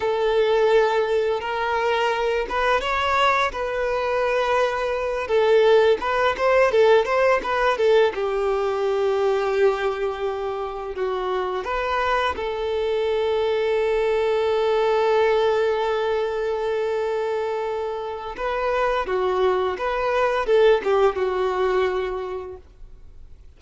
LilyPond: \new Staff \with { instrumentName = "violin" } { \time 4/4 \tempo 4 = 85 a'2 ais'4. b'8 | cis''4 b'2~ b'8 a'8~ | a'8 b'8 c''8 a'8 c''8 b'8 a'8 g'8~ | g'2.~ g'8 fis'8~ |
fis'8 b'4 a'2~ a'8~ | a'1~ | a'2 b'4 fis'4 | b'4 a'8 g'8 fis'2 | }